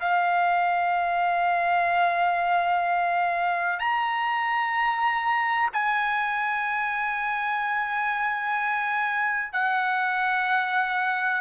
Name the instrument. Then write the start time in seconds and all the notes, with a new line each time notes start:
trumpet
0.00 F5
3.79 A#5
5.73 G#5
9.52 F#5